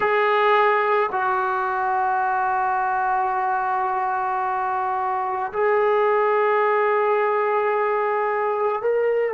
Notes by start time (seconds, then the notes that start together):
0.00 G#4
1.12 F#4
5.52 G#4
8.82 A#4